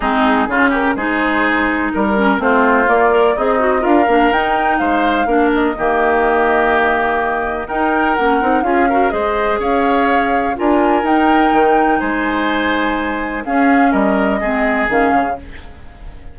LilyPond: <<
  \new Staff \with { instrumentName = "flute" } { \time 4/4 \tempo 4 = 125 gis'4. ais'8 c''2 | ais'4 c''4 d''4 dis''4 | f''4 g''4 f''4. dis''8~ | dis''1 |
g''4 fis''4 f''4 dis''4 | f''2 gis''4 g''4~ | g''4 gis''2. | f''4 dis''2 f''4 | }
  \new Staff \with { instrumentName = "oboe" } { \time 4/4 dis'4 f'8 g'8 gis'2 | ais'4 f'2 dis'4 | ais'2 c''4 ais'4 | g'1 |
ais'2 gis'8 ais'8 c''4 | cis''2 ais'2~ | ais'4 c''2. | gis'4 ais'4 gis'2 | }
  \new Staff \with { instrumentName = "clarinet" } { \time 4/4 c'4 cis'4 dis'2~ | dis'8 cis'8 c'4 ais8 ais'8 gis'8 fis'8 | f'8 d'8 dis'2 d'4 | ais1 |
dis'4 cis'8 dis'8 f'8 fis'8 gis'4~ | gis'2 f'4 dis'4~ | dis'1 | cis'2 c'4 cis'4 | }
  \new Staff \with { instrumentName = "bassoon" } { \time 4/4 gis4 cis4 gis2 | g4 a4 ais4 c'4 | d'8 ais8 dis'4 gis4 ais4 | dis1 |
dis'4 ais8 c'8 cis'4 gis4 | cis'2 d'4 dis'4 | dis4 gis2. | cis'4 g4 gis4 dis8 cis8 | }
>>